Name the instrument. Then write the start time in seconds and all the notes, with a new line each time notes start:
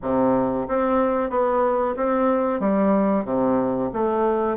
bassoon
0.01 C3
0.68 C4
1.30 B3
1.96 C4
2.59 G3
3.25 C3
3.93 A3